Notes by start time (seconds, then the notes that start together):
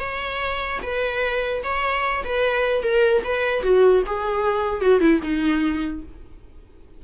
0.00 C#5
0.83 B4
1.64 C#5
2.25 B4
2.83 A#4
3.24 B4
3.63 F#4
4.06 G#4
4.82 F#4
5.01 E4
5.23 D#4